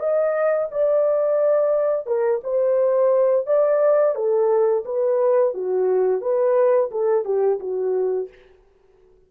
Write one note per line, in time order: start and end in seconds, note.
0.00 0.69 D#5
0.72 2.07 D5
2.07 2.41 A#4
2.44 3.47 C5
3.47 4.16 D5
4.16 4.85 A4
4.86 5.55 B4
5.55 6.22 F#4
6.22 6.91 B4
6.92 7.25 A4
7.25 7.60 G4
7.60 8.29 F#4